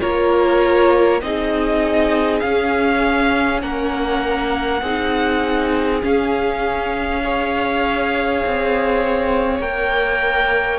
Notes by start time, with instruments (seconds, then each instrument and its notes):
0.00 cello A#3, viola F4, violin A#4 C#5
1.21 cello C4, viola D#4, violin G#4 D#5
2.39 viola C#4, cello C#4, violin F5
3.61 cello A#3, violin A#4 F#5
4.81 cello C4, viola D#4, violin G#4
6.01 viola C#4, cello C#4, violin F5
7.23 viola G#4, violin C#5
8.45 cello C4
9.59 cello A#3, viola A#4, violin G5